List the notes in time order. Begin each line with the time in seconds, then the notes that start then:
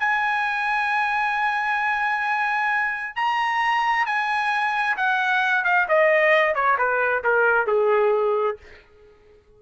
0.00 G#5
3.16 A#5
4.06 G#5
4.97 F#5
5.65 F5
5.89 D#5
6.55 C#5
6.78 B4
7.24 A#4
7.67 G#4